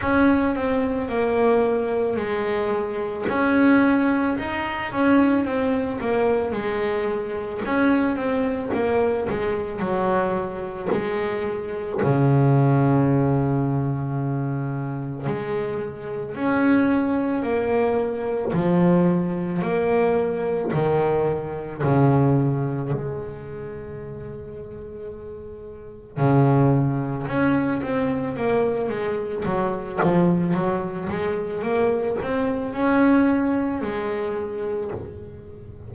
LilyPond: \new Staff \with { instrumentName = "double bass" } { \time 4/4 \tempo 4 = 55 cis'8 c'8 ais4 gis4 cis'4 | dis'8 cis'8 c'8 ais8 gis4 cis'8 c'8 | ais8 gis8 fis4 gis4 cis4~ | cis2 gis4 cis'4 |
ais4 f4 ais4 dis4 | cis4 gis2. | cis4 cis'8 c'8 ais8 gis8 fis8 f8 | fis8 gis8 ais8 c'8 cis'4 gis4 | }